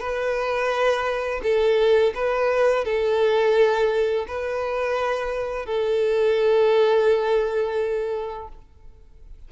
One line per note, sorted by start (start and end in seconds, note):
0.00 1.41 B4
1.43 2.13 A4
2.15 2.85 B4
2.85 4.26 A4
4.27 5.66 B4
5.66 8.48 A4